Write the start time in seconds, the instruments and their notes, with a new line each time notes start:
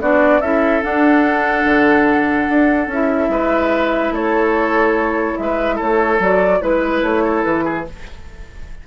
0.00 bassoon B3, clarinet D4, oboe F#4, flute D5
0.40 bassoon C#4, clarinet E4, oboe A4, flute E5
0.82 clarinet D4, bassoon D4, flute F#5
1.64 bassoon D3
2.49 bassoon D4
2.87 bassoon C#4, clarinet E4, flute E5
3.28 bassoon G#3, oboe B4
4.11 bassoon A3, oboe A4, flute C#5
5.37 bassoon G#3, oboe B4, flute E5
5.75 bassoon A3, oboe A4, flute C#5
6.19 bassoon F#3, clarinet F#4, flute D5
6.60 bassoon G#3, clarinet E4, flute B4, oboe B4
7.02 bassoon A3, flute C#5
7.23 oboe A4
7.43 bassoon E3, flute B4
7.64 oboe G#4